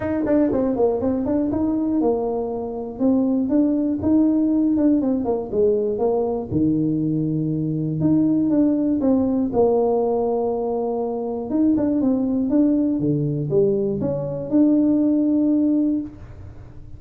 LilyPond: \new Staff \with { instrumentName = "tuba" } { \time 4/4 \tempo 4 = 120 dis'8 d'8 c'8 ais8 c'8 d'8 dis'4 | ais2 c'4 d'4 | dis'4. d'8 c'8 ais8 gis4 | ais4 dis2. |
dis'4 d'4 c'4 ais4~ | ais2. dis'8 d'8 | c'4 d'4 d4 g4 | cis'4 d'2. | }